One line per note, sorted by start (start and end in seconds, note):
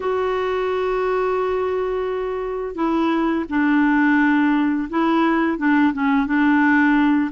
0.00 2.75 F#4
2.75 3.44 E4
3.49 4.88 D4
4.89 5.58 E4
5.58 5.92 D4
5.93 6.26 C#4
6.26 7.31 D4